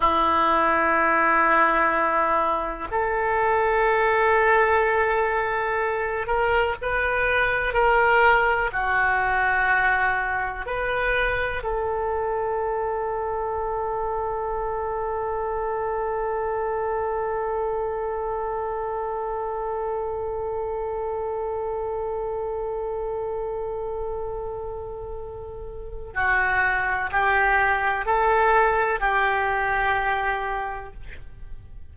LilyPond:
\new Staff \with { instrumentName = "oboe" } { \time 4/4 \tempo 4 = 62 e'2. a'4~ | a'2~ a'8 ais'8 b'4 | ais'4 fis'2 b'4 | a'1~ |
a'1~ | a'1~ | a'2. fis'4 | g'4 a'4 g'2 | }